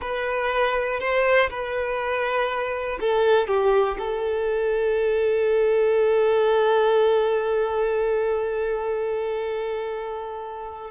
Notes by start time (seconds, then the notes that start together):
0.01 B4
1.00 C5
1.50 B4
3.00 A4
3.47 G4
3.98 A4